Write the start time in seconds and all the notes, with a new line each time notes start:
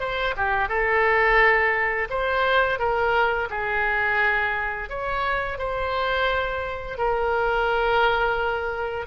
0.00 C5
0.37 G4
0.69 A4
2.10 C5
2.79 A#4
3.50 G#4
4.90 C#5
5.59 C5
6.98 A#4